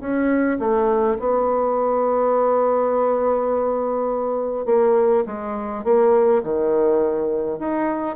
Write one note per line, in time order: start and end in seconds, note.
0.00 0.58 C#4
0.59 1.18 A3
1.19 4.66 B3
4.66 5.24 A#3
5.26 5.84 G#3
5.84 6.42 A#3
6.43 7.59 D#3
7.59 8.16 D#4